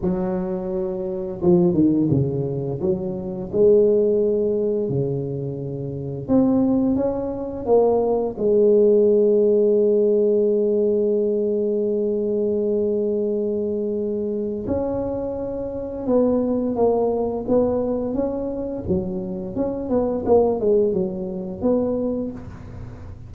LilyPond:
\new Staff \with { instrumentName = "tuba" } { \time 4/4 \tempo 4 = 86 fis2 f8 dis8 cis4 | fis4 gis2 cis4~ | cis4 c'4 cis'4 ais4 | gis1~ |
gis1~ | gis4 cis'2 b4 | ais4 b4 cis'4 fis4 | cis'8 b8 ais8 gis8 fis4 b4 | }